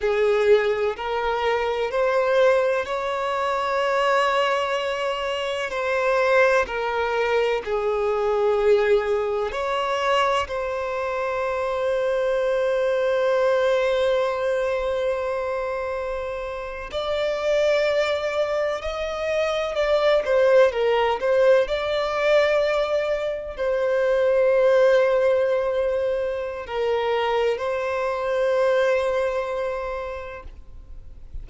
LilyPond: \new Staff \with { instrumentName = "violin" } { \time 4/4 \tempo 4 = 63 gis'4 ais'4 c''4 cis''4~ | cis''2 c''4 ais'4 | gis'2 cis''4 c''4~ | c''1~ |
c''4.~ c''16 d''2 dis''16~ | dis''8. d''8 c''8 ais'8 c''8 d''4~ d''16~ | d''8. c''2.~ c''16 | ais'4 c''2. | }